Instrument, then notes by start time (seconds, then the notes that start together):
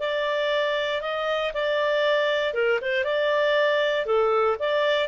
clarinet
0.00 D5
1.02 D#5
1.54 D5
2.54 A#4
2.82 C5
3.04 D5
4.06 A4
4.60 D5